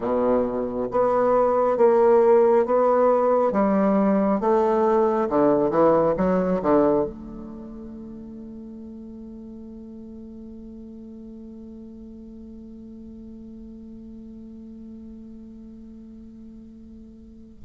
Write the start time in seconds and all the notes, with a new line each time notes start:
0.00 B2
0.91 B3
1.77 A#3
2.65 B3
3.52 G3
4.40 A3
5.29 D3
5.70 E3
6.17 F#3
6.62 D3
7.04 A3